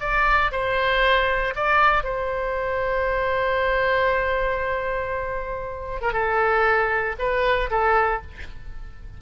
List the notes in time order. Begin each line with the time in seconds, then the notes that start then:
0.00 D5
0.52 C5
1.55 D5
2.04 C5
6.01 A#4
6.13 A4
7.19 B4
7.70 A4